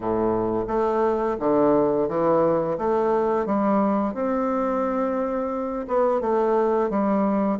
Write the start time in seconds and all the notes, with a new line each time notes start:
0.00 A2
0.67 A3
1.39 D3
2.08 E3
2.77 A3
3.45 G3
4.14 C4
5.87 B3
6.21 A3
6.90 G3